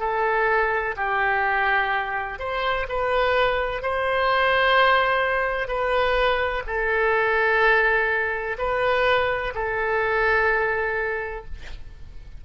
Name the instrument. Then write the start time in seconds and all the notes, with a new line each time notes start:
oboe
0.00 A4
0.97 G4
2.39 C5
2.89 B4
3.82 C5
5.68 B4
6.67 A4
8.58 B4
9.55 A4